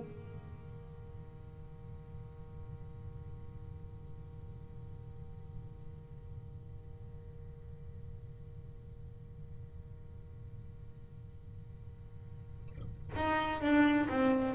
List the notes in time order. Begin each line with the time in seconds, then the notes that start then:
0.00 D#3
13.15 D#4
13.61 D4
14.09 C4